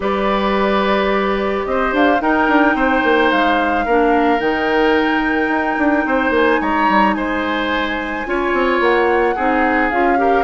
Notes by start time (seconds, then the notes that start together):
0.00 G3 G4 B4 D5
1.65 C4 C5 D#5
1.92 D4 F5
2.21 D#4 A#4 G5
2.48 D4
2.74 C4 C5
3.03 A#3
3.31 G#3 F5
3.85 A#3 D4 A#4
4.38 D#3 D#4 G5
5.48 D#4
5.77 D4
6.05 C4 C5
6.30 A#3 G#5
6.60 G#3 C#5 A#5
6.89 G3
7.14 G#3 C5 G#5
8.25 C#4 F4 C#5
8.53 C4
8.80 A#3 F#5
9.35 C4 D#4 G#4
9.90 C#4 F4 F5
10.17 G4 A#4